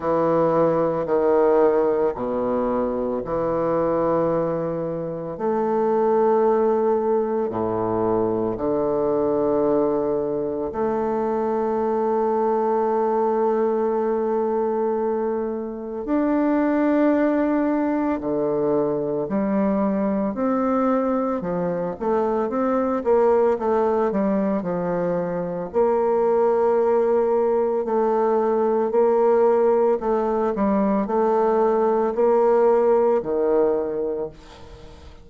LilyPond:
\new Staff \with { instrumentName = "bassoon" } { \time 4/4 \tempo 4 = 56 e4 dis4 b,4 e4~ | e4 a2 a,4 | d2 a2~ | a2. d'4~ |
d'4 d4 g4 c'4 | f8 a8 c'8 ais8 a8 g8 f4 | ais2 a4 ais4 | a8 g8 a4 ais4 dis4 | }